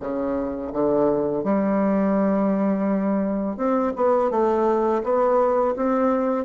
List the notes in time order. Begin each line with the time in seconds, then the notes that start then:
0.00 C#3
0.72 D3
1.44 G3
3.57 C4
3.96 B3
4.31 A3
5.03 B3
5.76 C4